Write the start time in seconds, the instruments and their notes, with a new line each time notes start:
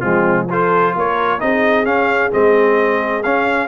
0.00 tuba F3, trombone G#3, horn C4, trumpet F4
0.50 trombone F4, horn A4, trumpet C5
0.95 tuba A#3, horn A#4, trumpet C#5
1.39 tuba C4, trombone D#4, horn G#4, trumpet D#5
1.85 trombone C#4, tuba C#4, trumpet F5
2.31 tuba G#3, trombone C4, trumpet D#5
3.23 tuba C#4, trombone C#4, trumpet F5